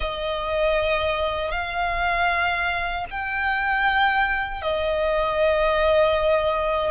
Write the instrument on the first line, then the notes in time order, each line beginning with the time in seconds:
violin
0.00 D#5
1.51 F5
3.10 G5
4.62 D#5